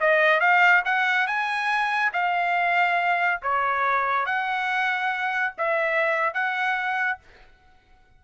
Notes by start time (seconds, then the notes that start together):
0.00 D#5
0.40 F5
0.85 F#5
1.27 G#5
2.13 F5
3.42 C#5
4.26 F#5
5.58 E5
6.34 F#5